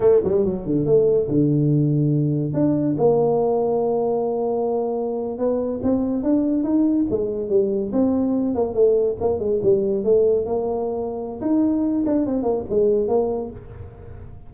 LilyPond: \new Staff \with { instrumentName = "tuba" } { \time 4/4 \tempo 4 = 142 a8 g8 fis8 d8 a4 d4~ | d2 d'4 ais4~ | ais1~ | ais8. b4 c'4 d'4 dis'16~ |
dis'8. gis4 g4 c'4~ c'16~ | c'16 ais8 a4 ais8 gis8 g4 a16~ | a8. ais2~ ais16 dis'4~ | dis'8 d'8 c'8 ais8 gis4 ais4 | }